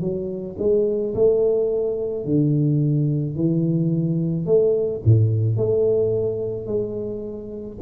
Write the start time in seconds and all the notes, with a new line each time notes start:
0.00 F#3
0.58 G#3
1.14 A3
2.24 D3
3.35 E3
4.45 A3
5.04 A2
5.57 A3
6.66 G#3